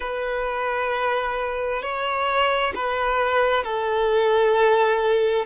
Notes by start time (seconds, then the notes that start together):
0.00 B4
1.82 C#5
2.75 B4
3.63 A4